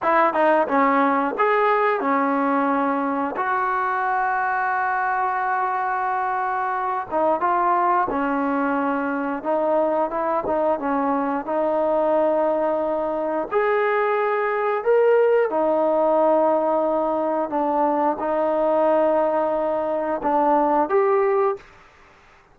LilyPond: \new Staff \with { instrumentName = "trombone" } { \time 4/4 \tempo 4 = 89 e'8 dis'8 cis'4 gis'4 cis'4~ | cis'4 fis'2.~ | fis'2~ fis'8 dis'8 f'4 | cis'2 dis'4 e'8 dis'8 |
cis'4 dis'2. | gis'2 ais'4 dis'4~ | dis'2 d'4 dis'4~ | dis'2 d'4 g'4 | }